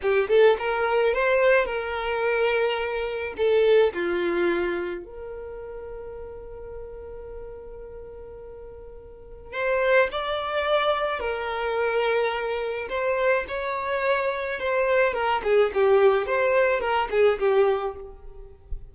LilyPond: \new Staff \with { instrumentName = "violin" } { \time 4/4 \tempo 4 = 107 g'8 a'8 ais'4 c''4 ais'4~ | ais'2 a'4 f'4~ | f'4 ais'2.~ | ais'1~ |
ais'4 c''4 d''2 | ais'2. c''4 | cis''2 c''4 ais'8 gis'8 | g'4 c''4 ais'8 gis'8 g'4 | }